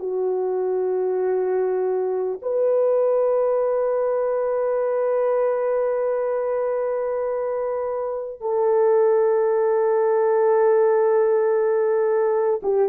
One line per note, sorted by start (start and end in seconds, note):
0.00 2.40 F#4
2.42 8.41 B4
8.41 12.61 A4
12.63 12.89 G4